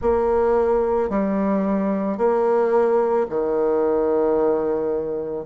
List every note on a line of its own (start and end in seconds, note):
0.01 1.09 A#3
1.09 2.17 G3
2.17 3.26 A#3
3.29 5.45 D#3